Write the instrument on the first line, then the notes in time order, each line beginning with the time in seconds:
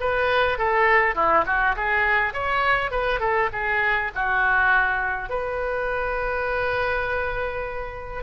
oboe
0.00 B4
0.58 A4
1.15 E4
1.46 F#4
1.76 G#4
2.33 C#5
2.90 B4
3.20 A4
3.52 G#4
4.14 F#4
5.29 B4